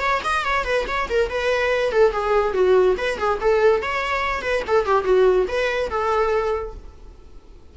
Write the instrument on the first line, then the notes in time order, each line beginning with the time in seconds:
viola
0.00 C#5
0.24 D#5
0.44 C#5
0.64 B4
0.88 C#5
1.10 A#4
1.30 B4
1.92 A4
2.12 G#4
2.54 F#4
2.98 B4
3.18 G#4
3.40 A4
3.82 C#5
4.42 B4
4.67 A4
4.85 G4
5.04 F#4
5.48 B4
5.90 A4